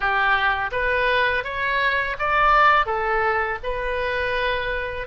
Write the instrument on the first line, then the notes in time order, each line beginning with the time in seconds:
oboe
0.00 G4
0.71 B4
1.44 C#5
2.19 D5
2.86 A4
3.63 B4